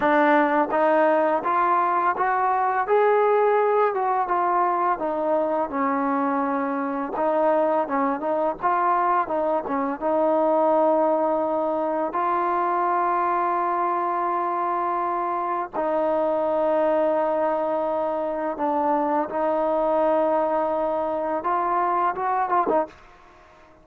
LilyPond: \new Staff \with { instrumentName = "trombone" } { \time 4/4 \tempo 4 = 84 d'4 dis'4 f'4 fis'4 | gis'4. fis'8 f'4 dis'4 | cis'2 dis'4 cis'8 dis'8 | f'4 dis'8 cis'8 dis'2~ |
dis'4 f'2.~ | f'2 dis'2~ | dis'2 d'4 dis'4~ | dis'2 f'4 fis'8 f'16 dis'16 | }